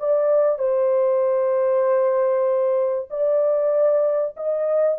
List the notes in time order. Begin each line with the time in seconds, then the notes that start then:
0.00 D5
0.59 C5
3.11 D5
4.37 D#5